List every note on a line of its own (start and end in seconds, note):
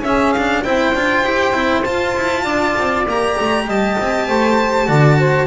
0.00 0.61 C#4
0.00 0.35 C#4
0.00 0.63 G#4
0.00 0.33 E5
0.33 0.64 D4
0.33 0.63 F5
0.63 0.94 C4
0.63 0.95 E4
0.63 2.43 C5
0.63 1.84 G5
0.94 1.23 D4
0.94 1.24 F4
1.23 1.52 E4
1.23 1.53 G4
1.52 1.82 C4
1.52 1.83 E4
1.84 3.06 F4
1.84 2.15 F4
1.84 3.05 A5
2.16 2.45 E4
2.43 2.75 D4
2.43 3.64 D5
2.78 3.06 C4
3.06 3.36 A#3
3.06 4.86 G4
3.06 3.69 A#5
3.39 3.66 A3
3.66 3.97 G3
3.66 4.27 D#5
3.66 5.47 A5
3.99 4.28 C4
4.27 4.88 A3
4.27 4.87 C5
4.86 5.47 D3
4.86 5.47 F#4
4.86 5.17 D5
5.18 5.47 C5